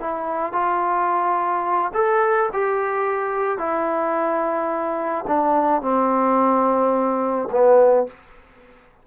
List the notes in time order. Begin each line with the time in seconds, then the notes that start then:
0.00 E4
0.52 F4
1.94 A4
2.53 G4
3.58 E4
5.27 D4
5.82 C4
7.51 B3